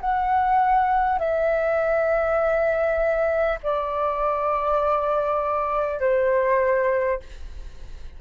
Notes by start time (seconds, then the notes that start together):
0.00 F#5
1.18 E5
3.62 D5
6.00 C5